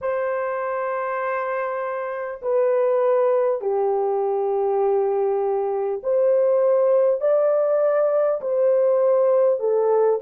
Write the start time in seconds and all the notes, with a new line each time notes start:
0.01 C5
2.42 B4
3.61 G4
6.03 C5
7.20 D5
8.41 C5
9.59 A4